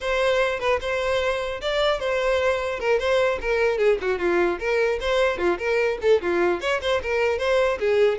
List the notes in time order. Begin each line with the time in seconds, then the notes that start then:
0.01 C5
0.59 B4
0.81 C5
1.61 D5
1.99 C5
2.79 A#4
2.99 C5
3.41 A#4
3.77 G#4
4.01 F#4
4.19 F4
4.59 A#4
5.00 C5
5.37 F4
5.58 A#4
6.01 A4
6.21 F4
6.60 C#5
6.81 C5
7.02 A#4
7.38 C5
7.79 G#4